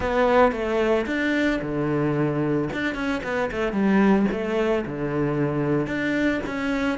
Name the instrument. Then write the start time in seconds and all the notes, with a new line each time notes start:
cello
0.00 B3
0.52 A3
1.06 D4
1.62 D3
2.73 D4
2.94 C#4
3.23 B3
3.51 A3
3.72 G3
4.31 A3
4.86 D3
5.86 D4
6.46 C#4